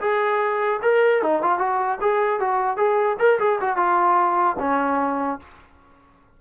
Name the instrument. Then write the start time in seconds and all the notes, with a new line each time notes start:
trombone
0.00 G#4
0.82 A#4
1.22 D#4
1.42 F4
1.58 F#4
2.01 G#4
2.40 F#4
2.77 G#4
3.19 A#4
3.39 G#4
3.60 F#4
3.76 F4
4.59 C#4